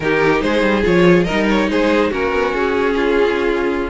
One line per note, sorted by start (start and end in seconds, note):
0.00 0.42 D#3
0.00 0.82 D#4
0.00 0.44 G4
0.00 0.41 A#4
0.41 0.62 G#3
0.41 1.25 G#4
0.41 0.83 C5
0.62 0.83 G3
0.82 1.28 F3
0.82 1.25 F4
0.82 1.23 C#5
1.23 1.67 A#4
1.23 1.44 D#5
1.29 1.69 G3
1.29 2.12 D#4
1.50 1.69 C#5
1.69 2.11 G#3
1.69 2.10 G#4
1.69 2.12 C5
2.10 2.32 A#3
2.10 3.89 C#4
2.10 2.94 F#4
2.10 2.54 A#4
2.32 2.53 B3
2.54 3.89 C#4
2.54 3.89 G#4
2.95 3.89 F4